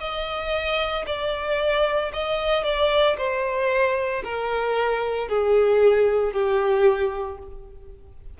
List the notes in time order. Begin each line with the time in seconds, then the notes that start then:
0.00 D#5
1.07 D5
2.13 D#5
2.64 D5
3.18 C5
4.24 A#4
5.29 G#4
6.33 G4